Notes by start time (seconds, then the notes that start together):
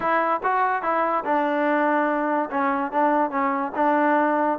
0.00 E4
0.43 F#4
0.82 E4
1.24 D4
2.50 C#4
2.91 D4
3.30 C#4
3.75 D4